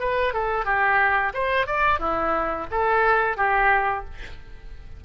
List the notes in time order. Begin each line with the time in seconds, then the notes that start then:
0.00 B4
0.34 A4
0.65 G4
1.34 C5
1.67 D5
1.99 E4
2.71 A4
3.37 G4